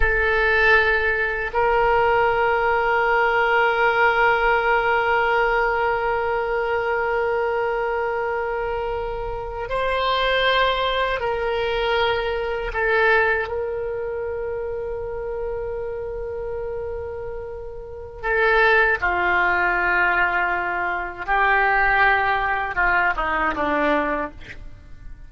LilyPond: \new Staff \with { instrumentName = "oboe" } { \time 4/4 \tempo 4 = 79 a'2 ais'2~ | ais'1~ | ais'1~ | ais'8. c''2 ais'4~ ais'16~ |
ais'8. a'4 ais'2~ ais'16~ | ais'1 | a'4 f'2. | g'2 f'8 dis'8 d'4 | }